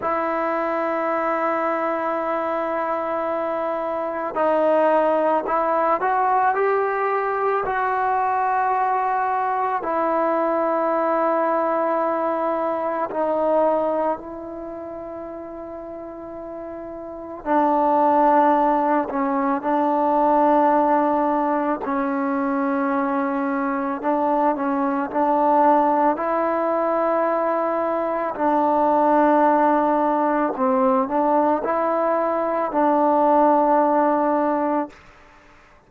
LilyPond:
\new Staff \with { instrumentName = "trombone" } { \time 4/4 \tempo 4 = 55 e'1 | dis'4 e'8 fis'8 g'4 fis'4~ | fis'4 e'2. | dis'4 e'2. |
d'4. cis'8 d'2 | cis'2 d'8 cis'8 d'4 | e'2 d'2 | c'8 d'8 e'4 d'2 | }